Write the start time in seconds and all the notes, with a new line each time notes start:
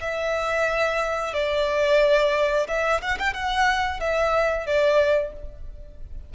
0.00 E5
1.33 D5
2.68 E5
3.01 F#5
3.18 G5
3.33 F#5
4.00 E5
4.66 D5